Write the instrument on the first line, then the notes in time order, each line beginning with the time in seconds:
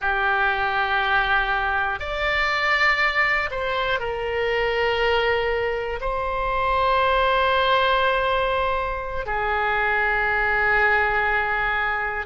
oboe
0.01 G4
1.99 D5
3.50 C5
4.00 A#4
6.00 C5
9.25 G#4